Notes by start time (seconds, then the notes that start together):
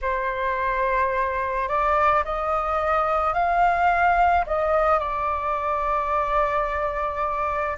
0.01 C5
1.68 D5
2.24 D#5
3.33 F5
4.46 D#5
4.99 D5